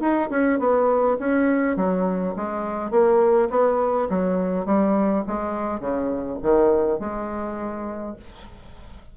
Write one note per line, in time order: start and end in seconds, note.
0.00 0.29 D#4
0.30 0.59 C#4
0.59 1.17 B3
1.19 1.76 C#4
1.76 2.35 F#3
2.36 2.90 G#3
2.90 3.49 A#3
3.50 4.08 B3
4.10 4.65 F#3
4.65 5.24 G3
5.27 5.80 G#3
5.80 6.38 C#3
6.42 6.99 D#3
6.99 8.16 G#3